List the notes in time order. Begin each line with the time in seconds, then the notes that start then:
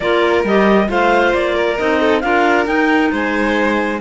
0.00 A#3 F4 A#4 D5
0.44 G3 G4 D#5
0.87 A3 F4 C5 F5
1.34 A#3 D5
1.54 A#4
1.78 C4 D#4 D#5
2.00 A4
2.21 D4 F4 A#4 F5
2.66 D#4 G5
3.11 G#3 C5 G#5